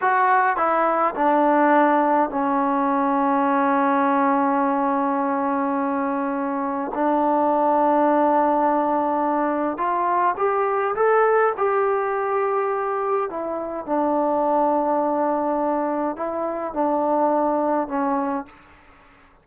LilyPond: \new Staff \with { instrumentName = "trombone" } { \time 4/4 \tempo 4 = 104 fis'4 e'4 d'2 | cis'1~ | cis'1 | d'1~ |
d'4 f'4 g'4 a'4 | g'2. e'4 | d'1 | e'4 d'2 cis'4 | }